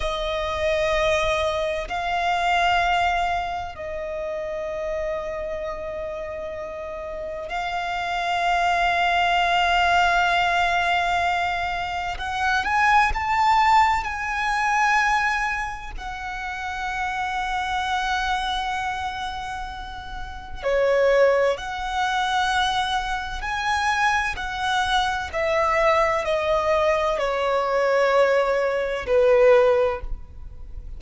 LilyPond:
\new Staff \with { instrumentName = "violin" } { \time 4/4 \tempo 4 = 64 dis''2 f''2 | dis''1 | f''1~ | f''4 fis''8 gis''8 a''4 gis''4~ |
gis''4 fis''2.~ | fis''2 cis''4 fis''4~ | fis''4 gis''4 fis''4 e''4 | dis''4 cis''2 b'4 | }